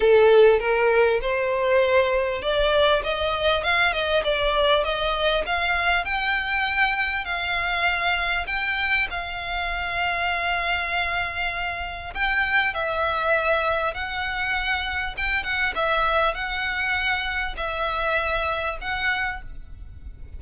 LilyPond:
\new Staff \with { instrumentName = "violin" } { \time 4/4 \tempo 4 = 99 a'4 ais'4 c''2 | d''4 dis''4 f''8 dis''8 d''4 | dis''4 f''4 g''2 | f''2 g''4 f''4~ |
f''1 | g''4 e''2 fis''4~ | fis''4 g''8 fis''8 e''4 fis''4~ | fis''4 e''2 fis''4 | }